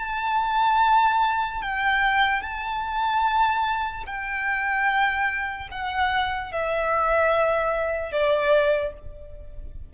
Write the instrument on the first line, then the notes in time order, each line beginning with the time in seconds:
violin
0.00 A5
1.63 G5
2.43 A5
4.07 G5
5.72 F#5
6.52 E5
8.12 D5